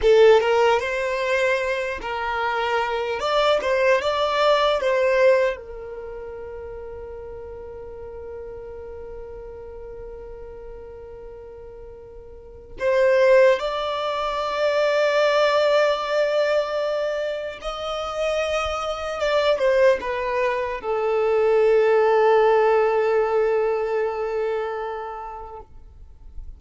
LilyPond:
\new Staff \with { instrumentName = "violin" } { \time 4/4 \tempo 4 = 75 a'8 ais'8 c''4. ais'4. | d''8 c''8 d''4 c''4 ais'4~ | ais'1~ | ais'1 |
c''4 d''2.~ | d''2 dis''2 | d''8 c''8 b'4 a'2~ | a'1 | }